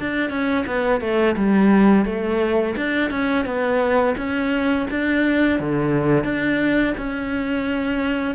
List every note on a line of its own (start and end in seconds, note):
0.00 0.30 D4
0.30 0.65 C#4
0.67 1.01 B3
1.01 1.36 A3
1.37 2.05 G3
2.05 2.75 A3
2.77 3.10 D4
3.10 3.45 C#4
3.46 4.15 B3
4.17 4.87 C#4
4.91 5.60 D4
5.60 6.24 D3
6.24 6.94 D4
6.98 8.35 C#4